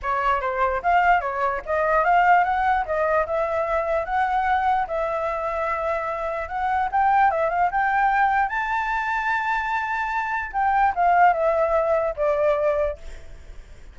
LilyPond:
\new Staff \with { instrumentName = "flute" } { \time 4/4 \tempo 4 = 148 cis''4 c''4 f''4 cis''4 | dis''4 f''4 fis''4 dis''4 | e''2 fis''2 | e''1 |
fis''4 g''4 e''8 f''8 g''4~ | g''4 a''2.~ | a''2 g''4 f''4 | e''2 d''2 | }